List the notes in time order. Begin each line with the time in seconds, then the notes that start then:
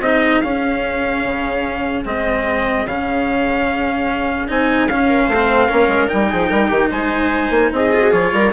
0.00 C4 D#4 G#4 D#5
0.41 C#4 F5
1.24 C#3
2.05 G#3 C4 D#5
2.85 C#3 C#4 F5
4.48 C4 D#4 G#5
4.88 C#4 F5
5.07 A#4
5.26 A3 C5
5.34 C4
5.67 A#3 C#4 A#4
5.88 G#3
6.08 G3 D#4 G5
6.29 F3 G#4
6.49 G3 A#4
6.68 D#3 G4
6.90 G#3 C5 G#5
7.50 A#3
7.72 C4 G#4 D#5
7.93 F4
8.02 F#4
8.11 F3 F4 C#5
8.33 G3 A#4